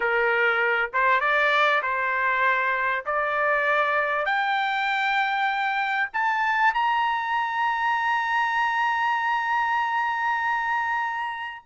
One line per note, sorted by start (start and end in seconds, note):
0.00 0.90 A#4
0.93 1.20 C5
1.20 1.81 D5
1.82 3.04 C5
3.05 4.25 D5
4.25 6.09 G5
6.13 6.73 A5
6.73 11.63 A#5